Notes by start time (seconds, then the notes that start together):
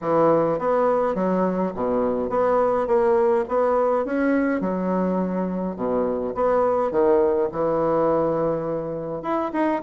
0.01 E3
0.58 B3
1.14 F#3
1.74 B2
2.29 B3
2.87 A#3
3.48 B3
4.05 C#4
4.60 F#3
5.75 B2
6.35 B3
6.91 D#3
7.52 E3
9.22 E4
9.52 D#4